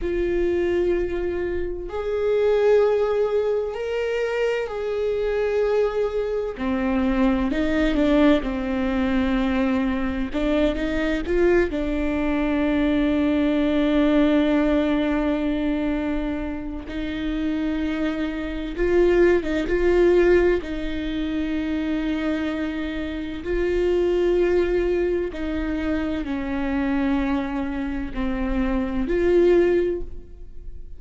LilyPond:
\new Staff \with { instrumentName = "viola" } { \time 4/4 \tempo 4 = 64 f'2 gis'2 | ais'4 gis'2 c'4 | dis'8 d'8 c'2 d'8 dis'8 | f'8 d'2.~ d'8~ |
d'2 dis'2 | f'8. dis'16 f'4 dis'2~ | dis'4 f'2 dis'4 | cis'2 c'4 f'4 | }